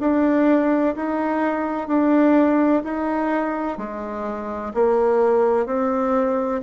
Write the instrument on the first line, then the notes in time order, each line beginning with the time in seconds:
bassoon
0.00 D4
0.96 D#4
1.87 D4
2.84 D#4
3.77 G#3
4.74 A#3
5.66 C4